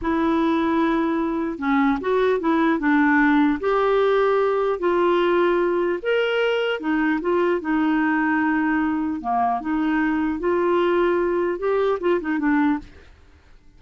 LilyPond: \new Staff \with { instrumentName = "clarinet" } { \time 4/4 \tempo 4 = 150 e'1 | cis'4 fis'4 e'4 d'4~ | d'4 g'2. | f'2. ais'4~ |
ais'4 dis'4 f'4 dis'4~ | dis'2. ais4 | dis'2 f'2~ | f'4 g'4 f'8 dis'8 d'4 | }